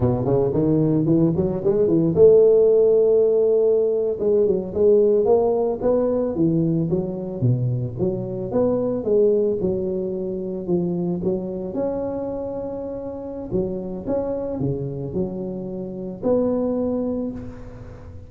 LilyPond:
\new Staff \with { instrumentName = "tuba" } { \time 4/4 \tempo 4 = 111 b,8 cis8 dis4 e8 fis8 gis8 e8 | a2.~ a8. gis16~ | gis16 fis8 gis4 ais4 b4 e16~ | e8. fis4 b,4 fis4 b16~ |
b8. gis4 fis2 f16~ | f8. fis4 cis'2~ cis'16~ | cis'4 fis4 cis'4 cis4 | fis2 b2 | }